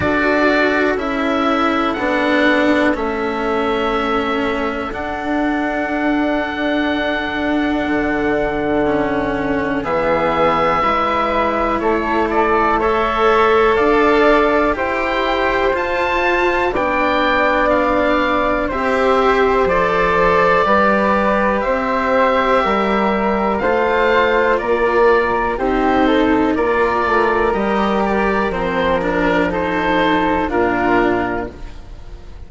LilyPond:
<<
  \new Staff \with { instrumentName = "oboe" } { \time 4/4 \tempo 4 = 61 d''4 e''4 fis''4 e''4~ | e''4 fis''2.~ | fis''2 e''2 | cis''8 d''8 e''4 f''4 g''4 |
a''4 g''4 f''4 e''4 | d''2 e''2 | f''4 d''4 c''4 d''4 | dis''8 d''8 c''8 ais'8 c''4 ais'4 | }
  \new Staff \with { instrumentName = "flute" } { \time 4/4 a'1~ | a'1~ | a'2 gis'4 b'4 | a'4 cis''4 d''4 c''4~ |
c''4 d''2 c''4~ | c''4 b'4 c''4 ais'4 | c''4 ais'4 g'8 a'8 ais'4~ | ais'2 a'4 f'4 | }
  \new Staff \with { instrumentName = "cello" } { \time 4/4 fis'4 e'4 d'4 cis'4~ | cis'4 d'2.~ | d'4 cis'4 b4 e'4~ | e'4 a'2 g'4 |
f'4 d'2 g'4 | a'4 g'2. | f'2 dis'4 f'4 | g'4 c'8 d'8 dis'4 d'4 | }
  \new Staff \with { instrumentName = "bassoon" } { \time 4/4 d'4 cis'4 b4 a4~ | a4 d'2. | d2 e4 gis4 | a2 d'4 e'4 |
f'4 b2 c'4 | f4 g4 c'4 g4 | a4 ais4 c'4 ais8 a8 | g4 f2 ais,4 | }
>>